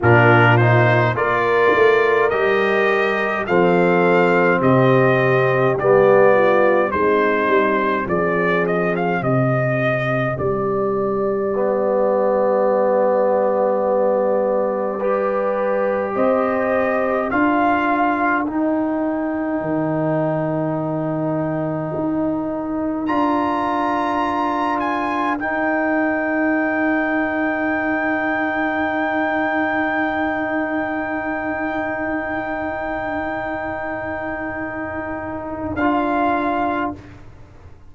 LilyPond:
<<
  \new Staff \with { instrumentName = "trumpet" } { \time 4/4 \tempo 4 = 52 ais'8 c''8 d''4 dis''4 f''4 | dis''4 d''4 c''4 d''8 dis''16 f''16 | dis''4 d''2.~ | d''2 dis''4 f''4 |
g''1 | ais''4. gis''8 g''2~ | g''1~ | g''2. f''4 | }
  \new Staff \with { instrumentName = "horn" } { \time 4/4 f'4 ais'2 a'4 | g'4. f'8 dis'4 gis'4 | g'1~ | g'4 b'4 c''4 ais'4~ |
ais'1~ | ais'1~ | ais'1~ | ais'1 | }
  \new Staff \with { instrumentName = "trombone" } { \time 4/4 d'8 dis'8 f'4 g'4 c'4~ | c'4 b4 c'2~ | c'2 b2~ | b4 g'2 f'4 |
dis'1 | f'2 dis'2~ | dis'1~ | dis'2. f'4 | }
  \new Staff \with { instrumentName = "tuba" } { \time 4/4 ais,4 ais8 a8 g4 f4 | c4 g4 gis8 g8 f4 | c4 g2.~ | g2 c'4 d'4 |
dis'4 dis2 dis'4 | d'2 dis'2~ | dis'1~ | dis'2. d'4 | }
>>